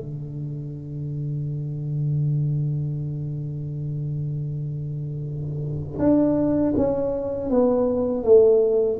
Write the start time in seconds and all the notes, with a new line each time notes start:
0.00 D3
5.99 D4
6.77 C#4
7.50 B3
8.24 A3